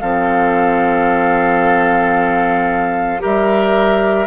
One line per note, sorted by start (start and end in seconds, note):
0.00 3.23 F3
0.00 3.19 C4
0.00 3.21 A4
0.00 3.21 F5
3.19 4.27 G3
3.19 4.26 G4
3.19 4.27 A#4
3.19 4.27 E5